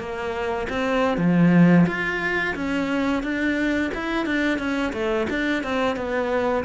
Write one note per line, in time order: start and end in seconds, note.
0.00 0.68 A#3
0.70 1.18 C4
1.18 1.86 F3
1.87 2.55 F4
2.56 3.24 C#4
3.24 3.92 D4
3.95 4.26 E4
4.26 4.59 D4
4.59 4.93 C#4
4.93 5.27 A3
5.30 5.64 D4
5.64 5.97 C4
5.97 6.65 B3